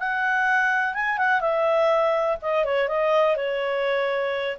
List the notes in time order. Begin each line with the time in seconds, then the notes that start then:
0.00 F#5
0.95 G#5
1.19 F#5
1.41 E5
2.42 D#5
2.65 C#5
2.89 D#5
3.37 C#5